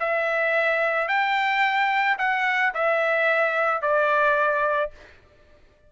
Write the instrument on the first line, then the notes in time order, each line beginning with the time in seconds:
trumpet
0.00 E5
1.08 G5
2.18 F#5
2.74 E5
3.82 D5